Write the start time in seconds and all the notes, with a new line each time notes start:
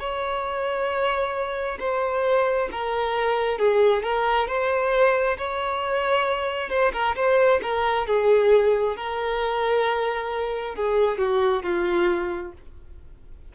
0.00 C#5
1.80 C5
2.72 A#4
3.59 G#4
4.03 A#4
4.48 C5
5.38 C#5
6.70 C5
6.93 A#4
7.16 C5
7.63 A#4
8.07 G#4
8.97 A#4
10.76 G#4
11.18 F#4
11.63 F4